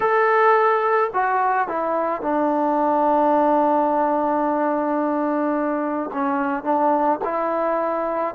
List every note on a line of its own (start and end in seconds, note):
0.00 1.10 A4
1.13 1.68 F#4
1.68 2.21 E4
2.21 6.10 D4
6.13 6.63 C#4
6.63 7.19 D4
7.24 8.34 E4